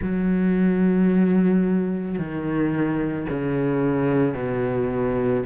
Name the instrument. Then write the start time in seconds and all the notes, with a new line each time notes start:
cello
0.01 F#3
2.18 D#3
3.29 C#3
4.34 B2